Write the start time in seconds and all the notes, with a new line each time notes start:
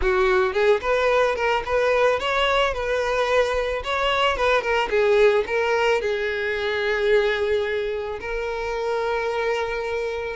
0.01 F#4
0.53 G#4
0.81 B4
1.35 A#4
1.65 B4
2.19 C#5
2.73 B4
3.83 C#5
4.36 B4
4.61 A#4
4.89 G#4
5.47 A#4
6.01 G#4
8.20 A#4